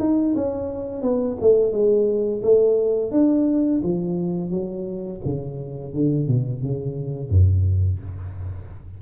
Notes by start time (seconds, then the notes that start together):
0.00 D#4
0.36 C#4
1.02 B3
1.41 A3
1.73 G#3
2.43 A3
3.12 D4
3.83 F3
4.51 F#3
5.25 C#3
5.94 D3
6.28 B2
6.62 C#3
7.30 F#2